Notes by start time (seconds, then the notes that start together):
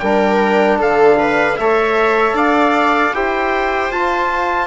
0.00 G3 D4 A#4 G5
0.79 D3 A4 F5
1.19 B4
1.58 A3 A4 C#5 E5
2.34 D4 D5 F5
3.14 E4 G4 C5 G5
3.90 F4 A5